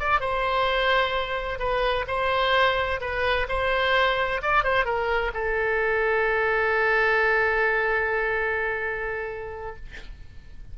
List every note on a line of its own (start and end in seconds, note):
0.00 0.20 D5
0.20 1.59 C5
1.59 2.06 B4
2.08 3.01 C5
3.01 3.47 B4
3.49 4.42 C5
4.42 4.64 D5
4.64 4.85 C5
4.85 5.32 A#4
5.34 9.76 A4